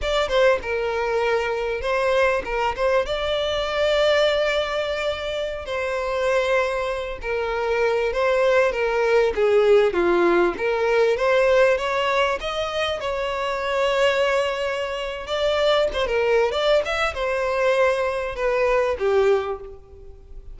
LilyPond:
\new Staff \with { instrumentName = "violin" } { \time 4/4 \tempo 4 = 98 d''8 c''8 ais'2 c''4 | ais'8 c''8 d''2.~ | d''4~ d''16 c''2~ c''8 ais'16~ | ais'4~ ais'16 c''4 ais'4 gis'8.~ |
gis'16 f'4 ais'4 c''4 cis''8.~ | cis''16 dis''4 cis''2~ cis''8.~ | cis''4 d''4 c''16 ais'8. d''8 e''8 | c''2 b'4 g'4 | }